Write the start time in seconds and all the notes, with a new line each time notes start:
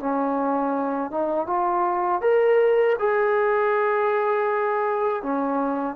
0.00 C#4
1.11 D#4
1.47 F4
2.21 A#4
2.99 G#4
5.23 C#4